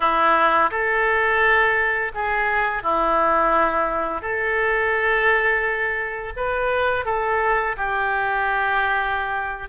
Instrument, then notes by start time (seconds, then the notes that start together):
oboe
0.00 E4
0.70 A4
2.14 G#4
2.82 E4
4.21 A4
6.36 B4
7.05 A4
7.76 G4